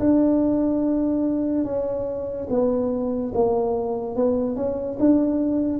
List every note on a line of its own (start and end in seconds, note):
0.00 1.64 D4
1.64 2.48 C#4
2.50 3.33 B3
3.35 4.16 A#3
4.16 4.56 B3
4.56 4.98 C#4
5.00 5.80 D4